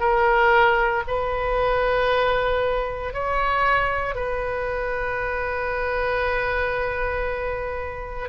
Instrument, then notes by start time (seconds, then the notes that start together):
oboe
0.00 A#4
1.08 B4
3.14 C#5
4.16 B4